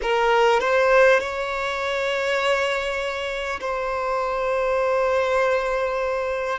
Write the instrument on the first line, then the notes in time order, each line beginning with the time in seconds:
violin
0.02 A#4
0.60 C5
1.19 C#5
3.60 C5